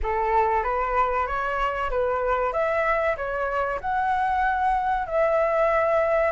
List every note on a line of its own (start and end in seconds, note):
0.02 0.63 A4
0.63 1.26 B4
1.26 1.89 C#5
1.90 2.53 B4
2.53 3.16 E5
3.16 3.80 C#5
3.80 5.06 F#5
5.06 6.32 E5